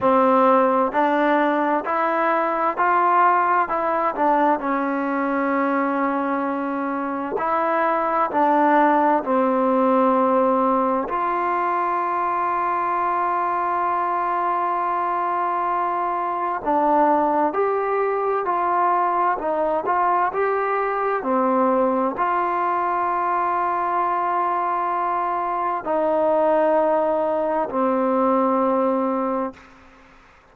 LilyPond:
\new Staff \with { instrumentName = "trombone" } { \time 4/4 \tempo 4 = 65 c'4 d'4 e'4 f'4 | e'8 d'8 cis'2. | e'4 d'4 c'2 | f'1~ |
f'2 d'4 g'4 | f'4 dis'8 f'8 g'4 c'4 | f'1 | dis'2 c'2 | }